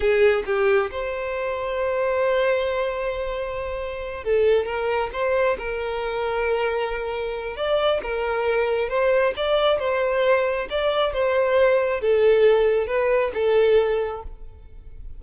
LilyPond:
\new Staff \with { instrumentName = "violin" } { \time 4/4 \tempo 4 = 135 gis'4 g'4 c''2~ | c''1~ | c''4. a'4 ais'4 c''8~ | c''8 ais'2.~ ais'8~ |
ais'4 d''4 ais'2 | c''4 d''4 c''2 | d''4 c''2 a'4~ | a'4 b'4 a'2 | }